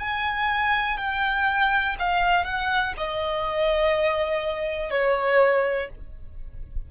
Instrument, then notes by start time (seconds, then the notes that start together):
violin
0.00 G#5
0.97 G5
1.99 F5
2.45 F#5
2.98 D#5
4.91 C#5